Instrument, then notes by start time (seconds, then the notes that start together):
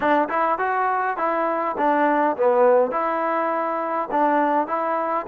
trombone
0.00 D4
0.29 E4
0.58 F#4
1.17 E4
1.77 D4
2.36 B3
2.91 E4
4.11 D4
4.67 E4